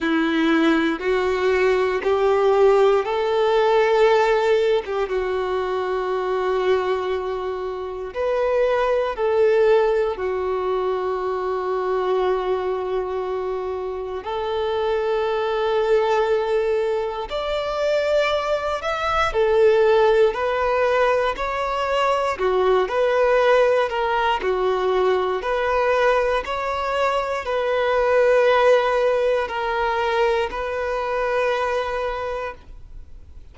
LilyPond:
\new Staff \with { instrumentName = "violin" } { \time 4/4 \tempo 4 = 59 e'4 fis'4 g'4 a'4~ | a'8. g'16 fis'2. | b'4 a'4 fis'2~ | fis'2 a'2~ |
a'4 d''4. e''8 a'4 | b'4 cis''4 fis'8 b'4 ais'8 | fis'4 b'4 cis''4 b'4~ | b'4 ais'4 b'2 | }